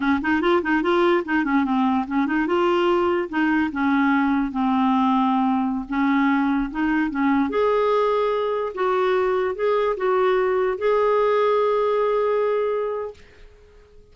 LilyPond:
\new Staff \with { instrumentName = "clarinet" } { \time 4/4 \tempo 4 = 146 cis'8 dis'8 f'8 dis'8 f'4 dis'8 cis'8 | c'4 cis'8 dis'8 f'2 | dis'4 cis'2 c'4~ | c'2~ c'16 cis'4.~ cis'16~ |
cis'16 dis'4 cis'4 gis'4.~ gis'16~ | gis'4~ gis'16 fis'2 gis'8.~ | gis'16 fis'2 gis'4.~ gis'16~ | gis'1 | }